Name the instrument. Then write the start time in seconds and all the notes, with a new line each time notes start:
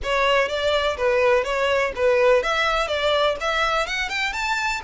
violin
0.03 C#5
0.48 D5
0.97 B4
1.43 C#5
1.95 B4
2.42 E5
2.87 D5
3.40 E5
3.87 F#5
4.09 G5
4.32 A5